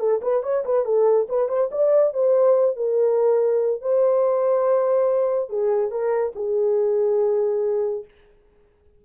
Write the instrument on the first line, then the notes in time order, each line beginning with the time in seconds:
horn
0.00 A4
0.22 B4
0.43 C#5
0.65 B4
0.85 A4
1.29 B4
1.49 C5
1.72 D5
2.14 C5
2.77 A#4
3.81 C5
5.50 G#4
5.91 A#4
6.36 G#4